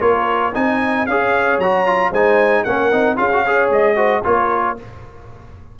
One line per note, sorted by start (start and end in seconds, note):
0.00 0.53 A#3
0.00 0.53 F4
0.00 0.54 A#4
0.00 0.54 C#5
0.54 1.08 C4
0.54 1.07 D#4
0.54 1.07 D#5
0.54 1.06 G#5
1.06 1.58 C#4
1.06 1.62 G#4
1.06 2.10 C#5
1.06 1.59 F5
1.58 2.11 F#3
1.58 1.86 F#4
1.58 2.12 A#5
1.86 2.12 F4
2.10 2.64 G#3
2.10 2.67 D#4
2.10 2.63 C5
2.10 2.64 G#5
2.64 2.92 A#3
2.64 2.92 C#4
2.64 3.16 A#4
2.64 3.17 F#5
2.92 3.17 C4
2.92 3.16 D#4
3.16 3.70 C#4
3.16 3.29 F4
3.16 3.43 G#4
3.16 3.70 F5
3.33 3.46 F#4
3.43 3.96 G#4
3.43 3.95 C#5
3.70 4.23 G#3
3.70 4.25 D#5
3.96 4.22 F#4
3.96 4.22 C5
4.24 4.79 A#3
4.24 4.76 F4
4.24 4.77 A#4
4.24 4.78 C#5